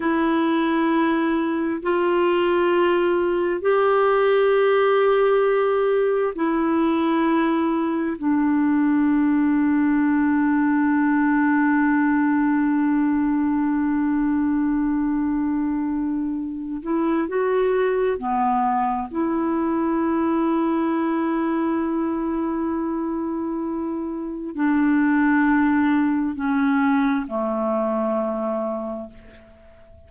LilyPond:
\new Staff \with { instrumentName = "clarinet" } { \time 4/4 \tempo 4 = 66 e'2 f'2 | g'2. e'4~ | e'4 d'2.~ | d'1~ |
d'2~ d'8 e'8 fis'4 | b4 e'2.~ | e'2. d'4~ | d'4 cis'4 a2 | }